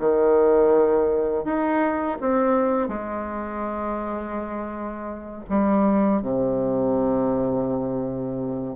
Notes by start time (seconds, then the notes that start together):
0.00 D#3
1.45 D#4
2.21 C4
2.88 G#3
5.50 G3
6.22 C3